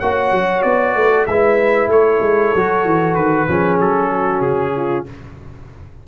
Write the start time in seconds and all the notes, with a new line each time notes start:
0.00 A#3 F#4 C#5 F#5
0.32 F#3
0.63 B3 D5
0.96 A3 B4
1.11 A4
1.26 G#3 E4 B4 E5
1.88 A3 A4 C#5
2.20 G#3
2.55 F#3 F#4
2.85 E3
3.15 D#3 B4
3.48 F3 C#4 G#4
3.80 F#3 A4
4.09 F#4
4.41 C#3 G#4
4.76 F4